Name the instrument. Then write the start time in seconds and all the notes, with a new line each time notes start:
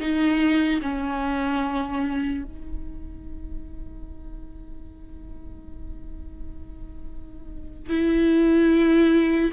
viola
0.00 D#4
0.82 C#4
2.44 D#4
7.90 E4